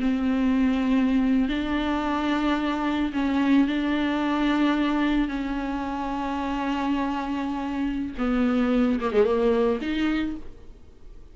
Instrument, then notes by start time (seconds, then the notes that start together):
viola
0.00 C4
1.48 D4
3.13 C#4
3.67 D4
5.28 C#4
8.18 B3
9.00 A#3
9.12 G#3
9.24 A#3
9.81 D#4